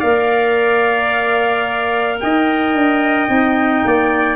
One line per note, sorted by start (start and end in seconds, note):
0.00 2.22 A#3
0.00 3.29 A#4
0.00 2.18 D5
0.00 2.19 F5
2.21 2.74 D#4
2.21 3.87 D#5
2.21 4.36 G5
2.74 3.28 D4
3.29 3.84 C4
3.29 4.36 D#4
3.85 4.36 A#3
3.85 4.36 D5